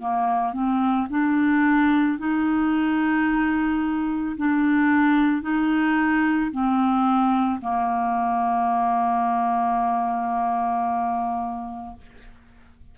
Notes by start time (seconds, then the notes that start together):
0.00 A#3
0.53 C4
1.10 D4
2.18 D#4
4.37 D4
5.42 D#4
6.52 C4
7.61 A#3